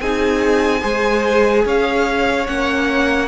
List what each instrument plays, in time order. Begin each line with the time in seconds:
0.00 cello C4, viola D#4, violin G#4 G#5
0.80 cello G#3, viola G#4, violin C5
1.66 cello C#4, violin C#5 F5
2.47 cello A#3, viola C#4, violin F#5